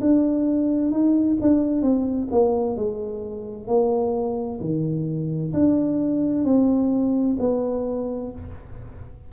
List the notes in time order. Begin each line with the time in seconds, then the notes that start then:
0.00 D4
0.91 D#4
1.41 D4
1.82 C4
2.31 A#3
2.76 G#3
3.67 A#3
4.60 D#3
5.53 D4
6.44 C4
7.39 B3